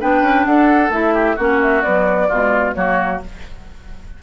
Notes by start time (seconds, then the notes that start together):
0.00 B3 D4 B4 G5
0.22 C#4
0.45 D4 A4 F#5
0.89 A3 E4 E5
1.14 G4
1.36 A#3 C#4 F#4 F#5
1.62 E5
1.82 F#3 B3 D5
2.28 B2 G#3 F4
2.74 F#3 A#3 F#4 C#5